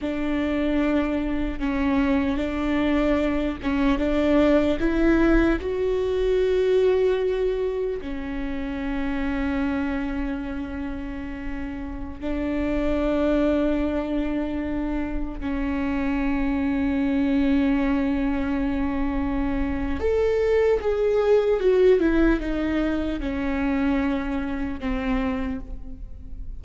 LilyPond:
\new Staff \with { instrumentName = "viola" } { \time 4/4 \tempo 4 = 75 d'2 cis'4 d'4~ | d'8 cis'8 d'4 e'4 fis'4~ | fis'2 cis'2~ | cis'2.~ cis'16 d'8.~ |
d'2.~ d'16 cis'8.~ | cis'1~ | cis'4 a'4 gis'4 fis'8 e'8 | dis'4 cis'2 c'4 | }